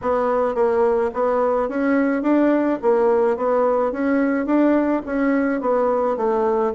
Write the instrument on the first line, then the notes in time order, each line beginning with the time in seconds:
bassoon
0.01 B3
0.54 A#3
1.13 B3
1.68 C#4
2.22 D4
2.82 A#3
3.36 B3
3.92 C#4
4.46 D4
5.06 C#4
5.60 B3
6.16 A3